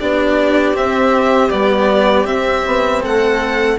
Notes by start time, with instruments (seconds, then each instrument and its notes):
0.00 bassoon B3, cello D4, viola G4, violin D5
0.74 cello C4, bassoon C4, violin E5
1.50 bassoon G3, cello B3, violin D5
2.25 cello C4, bassoon C4, violin E5
2.66 bassoon B3
3.02 bassoon A3, viola A4, violin F#5